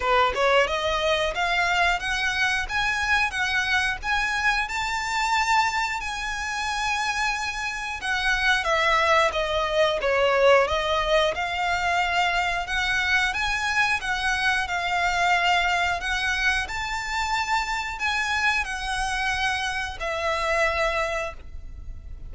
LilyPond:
\new Staff \with { instrumentName = "violin" } { \time 4/4 \tempo 4 = 90 b'8 cis''8 dis''4 f''4 fis''4 | gis''4 fis''4 gis''4 a''4~ | a''4 gis''2. | fis''4 e''4 dis''4 cis''4 |
dis''4 f''2 fis''4 | gis''4 fis''4 f''2 | fis''4 a''2 gis''4 | fis''2 e''2 | }